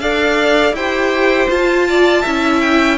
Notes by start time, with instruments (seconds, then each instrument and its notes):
0.00 cello D4, viola A4, violin D5 F5
0.73 cello E4, viola G4, violin C5 G5
1.49 viola F4, cello F4, violin A5
1.89 violin D5
2.22 cello C#4, viola E4, violin E5
2.61 violin G5